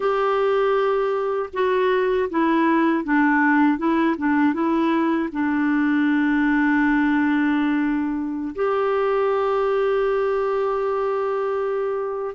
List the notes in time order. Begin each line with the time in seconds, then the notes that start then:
0.00 G4
1.53 F#4
2.30 E4
3.04 D4
3.78 E4
4.17 D4
4.53 E4
5.32 D4
8.55 G4